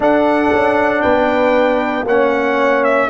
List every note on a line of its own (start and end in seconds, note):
0.00 0.51 D4
0.00 2.05 D4
0.00 1.02 A4
0.00 1.01 F#5
0.52 1.04 C#4
1.01 2.03 B3
1.01 2.06 B4
1.01 2.05 G5
2.03 3.07 A#3
2.03 3.10 C#4
2.03 3.09 C#5
2.03 2.84 F#5
2.84 3.09 E5